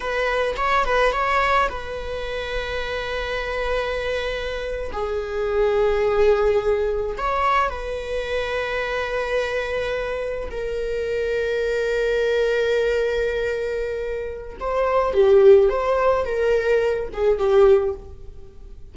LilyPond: \new Staff \with { instrumentName = "viola" } { \time 4/4 \tempo 4 = 107 b'4 cis''8 b'8 cis''4 b'4~ | b'1~ | b'8. gis'2.~ gis'16~ | gis'8. cis''4 b'2~ b'16~ |
b'2~ b'8. ais'4~ ais'16~ | ais'1~ | ais'2 c''4 g'4 | c''4 ais'4. gis'8 g'4 | }